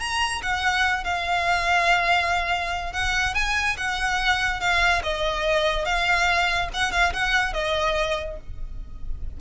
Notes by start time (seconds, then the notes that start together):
0.00 A#5
0.43 F#5
1.04 F5
2.93 F#5
3.35 G#5
3.78 F#5
4.61 F5
5.03 D#5
5.85 F5
6.74 F#5
6.92 F5
7.13 F#5
7.54 D#5